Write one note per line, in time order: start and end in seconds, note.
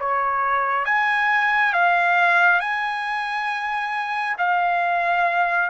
0.00 0.85 C#5
0.85 1.73 G#5
1.73 2.60 F5
2.60 4.37 G#5
4.38 5.70 F5